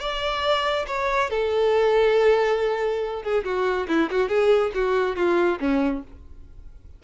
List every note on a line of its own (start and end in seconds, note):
0.00 0.86 D5
0.87 1.30 C#5
1.30 3.23 A4
3.23 3.44 G#4
3.44 3.87 F#4
3.88 4.10 E4
4.11 4.29 F#4
4.29 4.72 G#4
4.75 5.16 F#4
5.16 5.59 F4
5.60 6.03 C#4